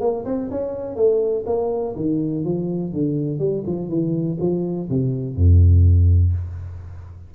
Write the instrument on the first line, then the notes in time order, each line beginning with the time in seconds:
tuba
0.00 A#3
0.25 C4
0.51 C#4
0.96 A3
1.46 A#3
1.96 D#3
2.45 F3
2.93 D3
3.39 G3
3.67 F3
3.89 E3
4.40 F3
4.90 C3
5.35 F2